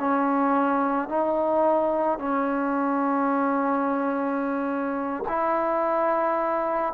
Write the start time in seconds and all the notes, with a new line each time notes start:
0.00 C#4
1.09 D#4
2.19 C#4
5.29 E4